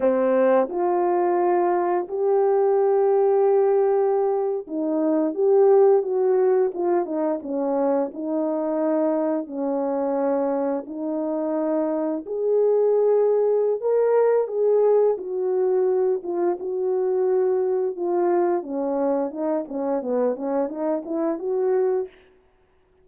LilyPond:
\new Staff \with { instrumentName = "horn" } { \time 4/4 \tempo 4 = 87 c'4 f'2 g'4~ | g'2~ g'8. dis'4 g'16~ | g'8. fis'4 f'8 dis'8 cis'4 dis'16~ | dis'4.~ dis'16 cis'2 dis'16~ |
dis'4.~ dis'16 gis'2~ gis'16 | ais'4 gis'4 fis'4. f'8 | fis'2 f'4 cis'4 | dis'8 cis'8 b8 cis'8 dis'8 e'8 fis'4 | }